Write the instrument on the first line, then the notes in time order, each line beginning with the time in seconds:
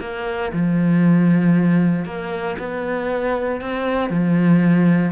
cello
0.00 A#3
0.52 F3
2.05 A#3
2.58 B3
3.61 C4
4.10 F3